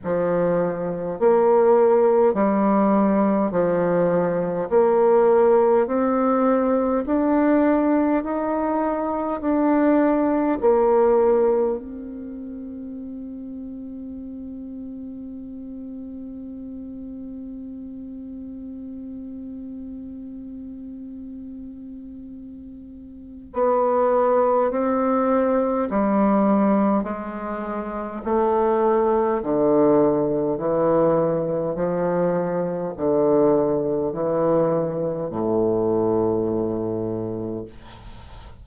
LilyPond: \new Staff \with { instrumentName = "bassoon" } { \time 4/4 \tempo 4 = 51 f4 ais4 g4 f4 | ais4 c'4 d'4 dis'4 | d'4 ais4 c'2~ | c'1~ |
c'1 | b4 c'4 g4 gis4 | a4 d4 e4 f4 | d4 e4 a,2 | }